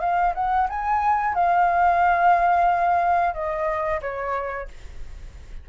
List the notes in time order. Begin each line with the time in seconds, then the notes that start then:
0.00 F5
0.34 F#5
0.69 G#5
1.34 F5
3.34 D#5
4.01 C#5